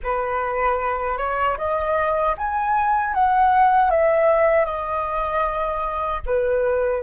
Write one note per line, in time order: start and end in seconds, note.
0.03 1.17 B4
1.17 1.56 C#5
1.57 2.35 D#5
2.37 3.14 G#5
3.14 3.90 F#5
3.90 4.65 E5
4.65 6.21 D#5
6.26 7.03 B4